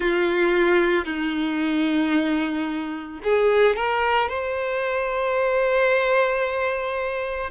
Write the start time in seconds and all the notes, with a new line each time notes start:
0.00 F4
1.05 D#4
3.23 G#4
3.75 A#4
4.29 C5